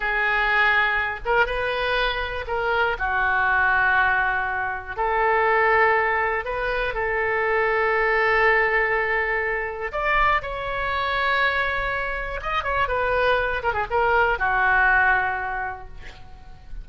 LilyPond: \new Staff \with { instrumentName = "oboe" } { \time 4/4 \tempo 4 = 121 gis'2~ gis'8 ais'8 b'4~ | b'4 ais'4 fis'2~ | fis'2 a'2~ | a'4 b'4 a'2~ |
a'1 | d''4 cis''2.~ | cis''4 dis''8 cis''8 b'4. ais'16 gis'16 | ais'4 fis'2. | }